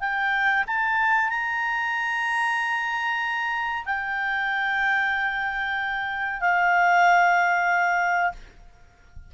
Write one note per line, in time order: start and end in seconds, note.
0.00 0.64 G5
0.66 1.29 A5
1.29 3.84 A#5
3.85 6.40 G5
6.40 8.32 F5